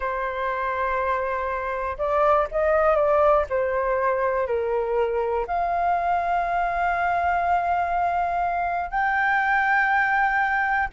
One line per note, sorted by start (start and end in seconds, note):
0.00 1.97 C5
1.98 2.47 D5
2.51 2.95 D#5
2.95 3.45 D5
3.49 4.46 C5
4.46 5.45 A#4
5.47 8.90 F5
8.90 10.88 G5